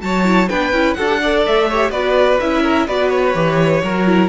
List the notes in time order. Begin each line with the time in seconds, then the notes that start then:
0.00 F#3 F#4 C#5 A5
0.25 E4
0.50 B3 D4 B4 G5
0.73 C#4 E4
0.94 D4 F#4 A4 F#5
1.07 G4
1.22 A4 D5
1.46 A3 E5
1.69 G4 C#5
1.90 B3 F#4 B4 D5
2.40 C#4 E4 E5
2.63 A#4
2.87 B3 F#4 B4 D5
3.10 C#5
3.35 E3 G4
3.84 F#3 F#4 A#4
4.07 E4